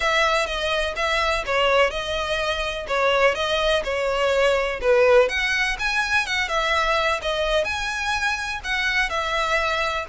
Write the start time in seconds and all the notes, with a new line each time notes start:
0.00 E5
0.46 D#5
0.96 E5
1.45 C#5
1.90 D#5
2.87 C#5
3.34 D#5
3.84 C#5
4.81 B4
5.28 F#5
5.79 G#5
6.26 F#5
6.48 E5
7.21 D#5
7.64 G#5
8.64 F#5
9.09 E5